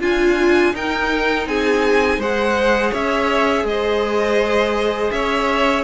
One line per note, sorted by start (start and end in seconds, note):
0.00 0.74 D4
0.00 0.73 F4
0.00 0.75 F4
0.00 0.76 G#5
0.74 1.46 D#4
0.74 2.21 D#4
0.74 1.48 A#4
0.74 1.48 G5
1.46 2.19 C4
1.46 2.19 G#4
1.46 2.21 G#5
2.19 2.92 G#3
2.19 5.85 G#4
2.19 2.91 C5
2.19 2.94 F#5
2.91 3.64 C#4
2.91 3.65 C#5
2.91 3.67 E5
3.64 5.11 G#3
3.64 5.11 D#5
3.70 5.14 C5
5.11 5.85 C#4
5.11 5.85 C#5
5.11 5.84 E5